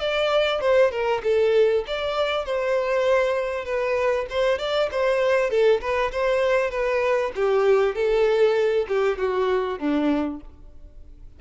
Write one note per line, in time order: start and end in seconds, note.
0.00 0.61 D5
0.61 0.92 C5
0.92 1.22 A#4
1.24 1.85 A4
1.87 2.46 D5
2.46 3.65 C5
3.65 4.26 B4
4.30 4.59 C5
4.59 4.90 D5
4.92 5.50 C5
5.50 5.81 A4
5.81 6.12 B4
6.12 6.71 C5
6.71 7.32 B4
7.36 7.95 G4
7.95 8.87 A4
8.88 9.19 G4
9.19 9.79 F#4
9.79 10.41 D4